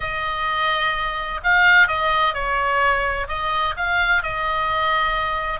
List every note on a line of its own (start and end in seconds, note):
0.00 1.40 D#5
1.43 1.87 F5
1.87 2.34 D#5
2.34 3.27 C#5
3.27 3.74 D#5
3.76 4.22 F5
4.22 5.60 D#5